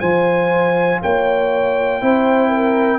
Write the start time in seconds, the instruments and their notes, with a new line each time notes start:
0.00 tuba F3, trombone F4, horn C5, trumpet G#5
1.02 tuba A#3, horn C#5, trumpet G5
2.01 tuba C4, trombone E4, horn C5
2.49 horn A#4